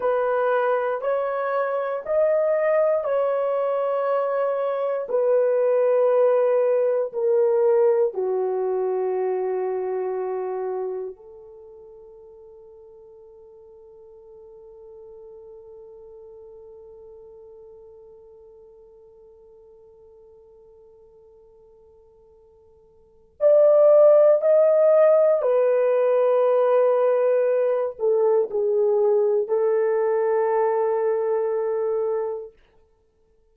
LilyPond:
\new Staff \with { instrumentName = "horn" } { \time 4/4 \tempo 4 = 59 b'4 cis''4 dis''4 cis''4~ | cis''4 b'2 ais'4 | fis'2. a'4~ | a'1~ |
a'1~ | a'2. d''4 | dis''4 b'2~ b'8 a'8 | gis'4 a'2. | }